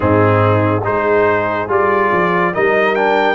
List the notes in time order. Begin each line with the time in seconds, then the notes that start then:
0.00 G#2 C4 D#4 G#4
0.83 G#3 D#4 G#4 C5
1.67 G3 F4 D5
2.11 F3
2.54 G3 D#4 A#4 D#5
2.95 D4 G5